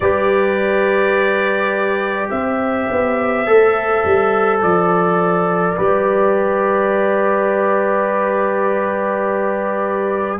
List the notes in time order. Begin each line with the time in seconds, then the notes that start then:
0.00 G3 G4 B4 D5
2.30 C4 C5 E5
2.90 B3
3.46 A3 A4
4.04 G3
4.62 F3 D5
5.76 G3 G4 B4